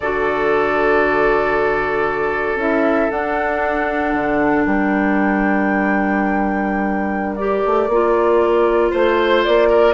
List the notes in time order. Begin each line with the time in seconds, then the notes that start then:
0.00 D3 F#4 A4 D5
2.55 C#4 E4 E5
3.10 D4 F#5
4.14 D3
4.64 G3 A#4 G5
7.35 G4 D5
7.65 A3
7.88 A#3 F4
8.90 A3 C5
9.44 A#3 D5
9.69 A#4